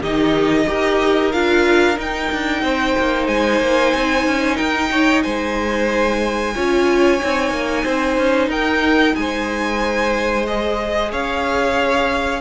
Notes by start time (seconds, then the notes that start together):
0.00 D#3 D#4 G4 D#5
0.67 D#4 G4 A#4
1.33 D4 F4 F5
1.96 D#4 G5
2.32 D4
2.63 C4 C5
2.99 A#3
3.28 G#3 G#5
3.61 A#3
3.95 C4
4.27 C#4
4.57 D#4 A#4 G5
4.92 C#5
5.23 G#3 C5 G#5
6.55 C#4 F4 C#5
7.20 C4 D#4
7.51 A#3
7.85 C4 C5
8.18 C#4
8.48 D#4 A#4 G5
9.16 G#3 C5 G#5
10.47 G#4 D#5
11.12 C#4 C#5 F5